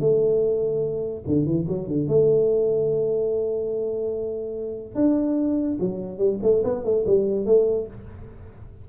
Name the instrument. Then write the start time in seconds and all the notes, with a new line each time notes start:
tuba
0.00 A3
1.27 D3
1.46 E3
1.68 F#3
1.88 D3
2.08 A3
4.95 D4
5.80 F#3
6.19 G3
6.43 A3
6.64 B3
6.85 A3
7.07 G3
7.46 A3